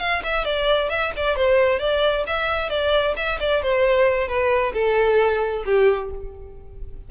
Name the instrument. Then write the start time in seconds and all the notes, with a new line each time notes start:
violin
0.00 F5
0.24 E5
0.45 D5
0.90 E5
1.16 D5
1.36 C5
1.79 D5
2.27 E5
2.70 D5
3.16 E5
3.40 D5
3.63 C5
4.28 B4
4.74 A4
5.66 G4